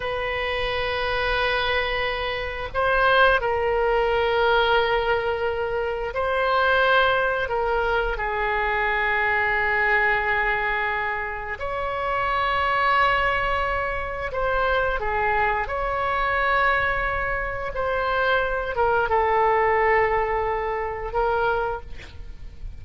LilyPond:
\new Staff \with { instrumentName = "oboe" } { \time 4/4 \tempo 4 = 88 b'1 | c''4 ais'2.~ | ais'4 c''2 ais'4 | gis'1~ |
gis'4 cis''2.~ | cis''4 c''4 gis'4 cis''4~ | cis''2 c''4. ais'8 | a'2. ais'4 | }